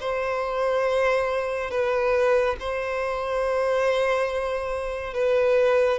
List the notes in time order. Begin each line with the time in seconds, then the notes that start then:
0.00 C5
1.71 B4
2.59 C5
5.14 B4